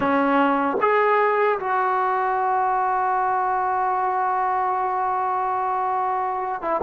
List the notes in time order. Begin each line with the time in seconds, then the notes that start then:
0.00 C#4
0.80 G#4
1.59 F#4
6.61 E4